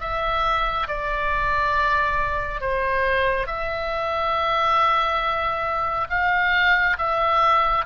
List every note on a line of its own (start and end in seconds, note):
0.00 0.87 E5
0.87 2.60 D5
2.60 3.47 C5
3.47 6.08 E5
6.09 6.96 F5
6.98 7.85 E5